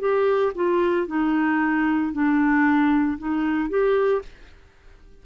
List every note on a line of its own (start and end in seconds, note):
0.00 0.53 G4
0.55 1.07 F4
1.07 2.12 D#4
2.12 3.18 D4
3.19 3.69 D#4
3.69 4.22 G4